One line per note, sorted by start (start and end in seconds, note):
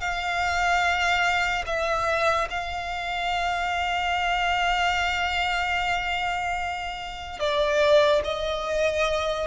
0.00 1.64 F5
1.66 2.48 E5
2.50 7.39 F5
7.39 8.22 D5
8.24 9.47 D#5